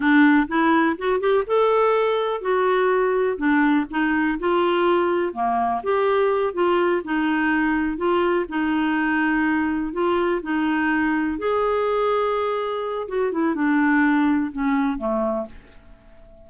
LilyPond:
\new Staff \with { instrumentName = "clarinet" } { \time 4/4 \tempo 4 = 124 d'4 e'4 fis'8 g'8 a'4~ | a'4 fis'2 d'4 | dis'4 f'2 ais4 | g'4. f'4 dis'4.~ |
dis'8 f'4 dis'2~ dis'8~ | dis'8 f'4 dis'2 gis'8~ | gis'2. fis'8 e'8 | d'2 cis'4 a4 | }